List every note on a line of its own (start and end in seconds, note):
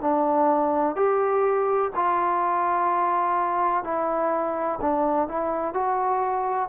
0.00 0.95 D4
0.95 1.90 G4
1.95 3.84 F4
3.84 4.79 E4
4.81 5.28 D4
5.28 5.74 E4
5.74 6.69 F#4